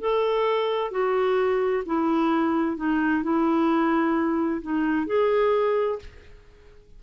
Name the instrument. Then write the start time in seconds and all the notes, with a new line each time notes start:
clarinet
0.00 A4
0.91 F#4
1.86 E4
2.77 D#4
3.23 E4
4.62 D#4
5.06 G#4